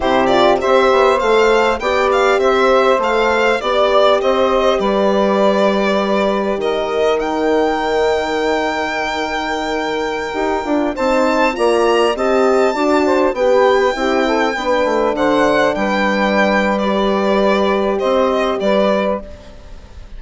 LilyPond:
<<
  \new Staff \with { instrumentName = "violin" } { \time 4/4 \tempo 4 = 100 c''8 d''8 e''4 f''4 g''8 f''8 | e''4 f''4 d''4 dis''4 | d''2. dis''4 | g''1~ |
g''2~ g''16 a''4 ais''8.~ | ais''16 a''2 g''4.~ g''16~ | g''4~ g''16 fis''4 g''4.~ g''16 | d''2 dis''4 d''4 | }
  \new Staff \with { instrumentName = "saxophone" } { \time 4/4 g'4 c''2 d''4 | c''2 d''4 c''4 | b'2. ais'4~ | ais'1~ |
ais'2~ ais'16 c''4 d''8.~ | d''16 dis''4 d''8 c''8 b'4 g'8 a'16~ | a'16 b'4 c''4 b'4.~ b'16~ | b'2 c''4 b'4 | }
  \new Staff \with { instrumentName = "horn" } { \time 4/4 e'8 f'8 g'4 a'4 g'4~ | g'4 a'4 g'2~ | g'1 | dis'1~ |
dis'4~ dis'16 g'8 f'8 dis'4 f'8.~ | f'16 g'4 fis'4 g'4 e'8.~ | e'16 d'2.~ d'8. | g'1 | }
  \new Staff \with { instrumentName = "bassoon" } { \time 4/4 c4 c'8 b8 a4 b4 | c'4 a4 b4 c'4 | g2. dis4~ | dis1~ |
dis4~ dis16 dis'8 d'8 c'4 ais8.~ | ais16 c'4 d'4 b4 c'8.~ | c'16 b8 a8 d4 g4.~ g16~ | g2 c'4 g4 | }
>>